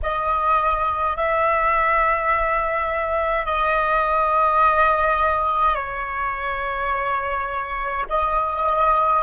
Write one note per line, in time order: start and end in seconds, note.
0.02 1.16 D#5
1.16 3.45 E5
3.45 5.74 D#5
5.74 8.05 C#5
8.09 9.22 D#5